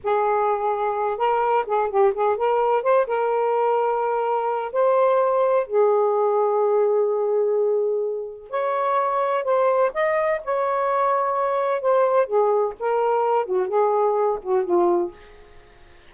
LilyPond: \new Staff \with { instrumentName = "saxophone" } { \time 4/4 \tempo 4 = 127 gis'2~ gis'8 ais'4 gis'8 | g'8 gis'8 ais'4 c''8 ais'4.~ | ais'2 c''2 | gis'1~ |
gis'2 cis''2 | c''4 dis''4 cis''2~ | cis''4 c''4 gis'4 ais'4~ | ais'8 fis'8 gis'4. fis'8 f'4 | }